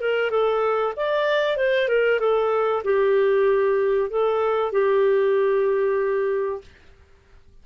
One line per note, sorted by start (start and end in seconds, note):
0.00 0.30 A#4
0.30 0.93 A4
0.96 1.56 D5
1.56 1.88 C5
1.88 2.19 A#4
2.19 2.82 A4
2.84 4.10 G4
4.10 4.72 A4
4.72 6.61 G4